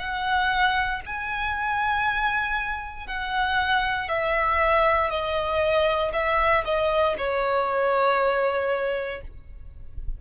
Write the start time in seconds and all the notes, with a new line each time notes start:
0.00 F#5
1.06 G#5
3.07 F#5
4.09 E5
5.11 D#5
6.13 E5
6.65 D#5
7.18 C#5